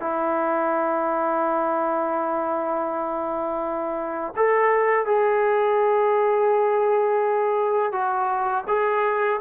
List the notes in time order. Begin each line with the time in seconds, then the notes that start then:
0.00 E4
4.36 A4
5.06 G#4
7.92 F#4
8.68 G#4